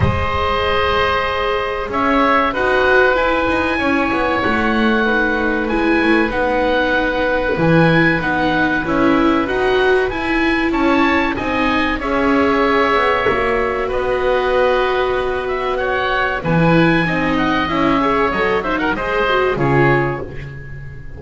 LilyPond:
<<
  \new Staff \with { instrumentName = "oboe" } { \time 4/4 \tempo 4 = 95 dis''2. e''4 | fis''4 gis''2 fis''4~ | fis''4 gis''4 fis''2 | gis''4 fis''4 e''4 fis''4 |
gis''4 a''4 gis''4 e''4~ | e''2 dis''2~ | dis''8 e''8 fis''4 gis''4. fis''8 | e''4 dis''8 e''16 fis''16 dis''4 cis''4 | }
  \new Staff \with { instrumentName = "oboe" } { \time 4/4 c''2. cis''4 | b'2 cis''2 | b'1~ | b'1~ |
b'4 cis''4 dis''4 cis''4~ | cis''2 b'2~ | b'4 cis''4 b'4 dis''4~ | dis''8 cis''4 c''16 ais'16 c''4 gis'4 | }
  \new Staff \with { instrumentName = "viola" } { \time 4/4 gis'1 | fis'4 e'2. | dis'4 e'4 dis'2 | e'4 dis'4 e'4 fis'4 |
e'2 dis'4 gis'4~ | gis'4 fis'2.~ | fis'2 b16 e'8. dis'4 | e'8 gis'8 a'8 dis'8 gis'8 fis'8 f'4 | }
  \new Staff \with { instrumentName = "double bass" } { \time 4/4 gis2. cis'4 | dis'4 e'8 dis'8 cis'8 b8 a4~ | a4 gis8 a8 b2 | e4 b4 cis'4 dis'4 |
e'4 cis'4 c'4 cis'4~ | cis'8 b8 ais4 b2~ | b2 e4 c'4 | cis'4 fis4 gis4 cis4 | }
>>